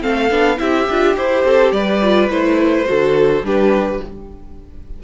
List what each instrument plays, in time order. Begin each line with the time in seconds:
0.00 cello A3, viola C4, violin A4 F5
0.30 cello B3, viola D4
0.57 cello C4, viola E4, violin G4 E5
0.88 cello D4, viola F4
1.15 cello E4, viola G4, violin C5
1.44 cello C4, violin A4
1.71 cello G3, violin B4 D5
2.02 viola F4
2.30 cello A3, viola E4, violin C5
2.85 cello D3, viola F#4, violin A4
3.42 cello G3, viola D4, violin G4 B4